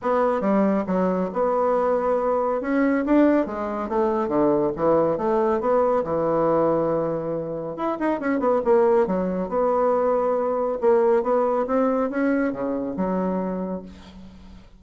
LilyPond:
\new Staff \with { instrumentName = "bassoon" } { \time 4/4 \tempo 4 = 139 b4 g4 fis4 b4~ | b2 cis'4 d'4 | gis4 a4 d4 e4 | a4 b4 e2~ |
e2 e'8 dis'8 cis'8 b8 | ais4 fis4 b2~ | b4 ais4 b4 c'4 | cis'4 cis4 fis2 | }